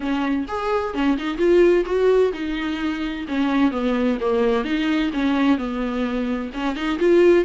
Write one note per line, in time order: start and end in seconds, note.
0.00 0.45 C#4
0.48 0.94 G#4
0.94 1.17 C#4
1.17 1.37 D#4
1.37 1.84 F4
1.85 2.32 F#4
2.33 3.26 D#4
3.27 3.71 C#4
3.71 4.17 B3
4.20 4.64 A#3
4.64 5.11 D#4
5.13 5.57 C#4
5.57 6.50 B3
6.53 6.75 C#4
6.75 6.99 D#4
6.99 7.44 F4